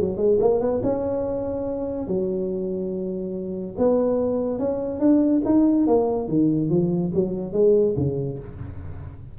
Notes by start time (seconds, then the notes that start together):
0.00 F#3
0.17 G#3
0.40 A#3
0.60 B3
0.83 C#4
2.08 F#3
3.78 B3
4.59 C#4
5.00 D4
5.45 D#4
5.87 A#3
6.28 D#3
6.70 F3
7.14 F#3
7.52 G#3
7.96 C#3